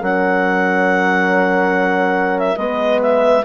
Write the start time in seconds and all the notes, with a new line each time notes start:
0.00 F#3 C#4 A#4 F#5
2.39 E5
2.57 G#3 B3 B4 D#5
3.02 E5